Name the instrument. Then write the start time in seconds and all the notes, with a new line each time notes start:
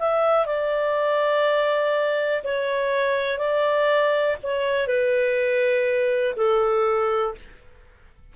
clarinet
0.00 E5
0.46 D5
2.45 C#5
3.38 D5
4.44 C#5
4.88 B4
6.37 A4